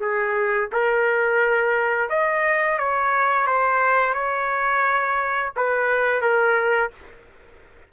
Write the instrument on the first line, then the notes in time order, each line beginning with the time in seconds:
trumpet
0.00 G#4
0.73 A#4
2.10 D#5
2.78 C#5
3.47 C5
4.14 C#5
5.56 B4
6.22 A#4